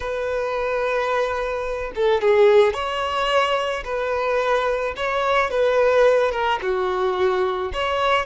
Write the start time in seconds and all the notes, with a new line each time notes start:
0.00 B4
1.95 A4
2.21 G#4
2.73 C#5
3.84 B4
4.96 C#5
5.50 B4
6.31 A#4
6.62 F#4
7.73 C#5